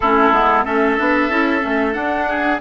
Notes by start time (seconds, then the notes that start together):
0.00 A3 C#4 E4 A4
0.32 G#3 B3
0.64 A3 C#4 A4 E5
0.97 B3 D4
1.29 C#4 E4
1.60 A3 C#4
1.92 D4 F#5
2.28 G#4